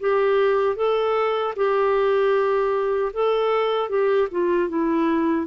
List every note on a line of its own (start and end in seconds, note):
0.00 0.76 G4
0.76 1.54 A4
1.56 3.12 G4
3.13 3.89 A4
3.89 4.28 G4
4.31 4.69 F4
4.69 5.47 E4